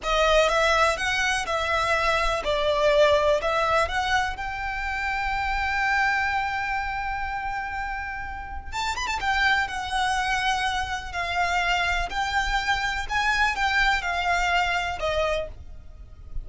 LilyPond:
\new Staff \with { instrumentName = "violin" } { \time 4/4 \tempo 4 = 124 dis''4 e''4 fis''4 e''4~ | e''4 d''2 e''4 | fis''4 g''2.~ | g''1~ |
g''2 a''8 b''16 a''16 g''4 | fis''2. f''4~ | f''4 g''2 gis''4 | g''4 f''2 dis''4 | }